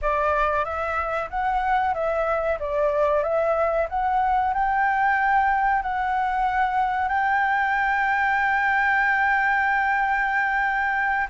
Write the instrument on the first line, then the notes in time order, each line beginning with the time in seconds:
flute
0.01 D5
0.65 E5
1.29 F#5
1.94 E5
2.59 D5
3.23 E5
3.89 F#5
4.53 G5
5.82 F#5
7.08 G5